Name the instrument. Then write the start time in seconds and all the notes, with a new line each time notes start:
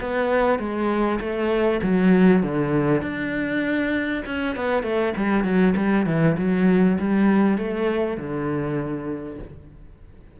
cello
0.00 B3
0.59 G#3
1.20 A3
1.82 F#3
2.42 D3
3.02 D4
4.26 C#4
4.56 B3
4.83 A3
5.16 G3
5.44 F#3
5.76 G3
6.06 E3
6.37 F#3
6.99 G3
7.58 A3
8.17 D3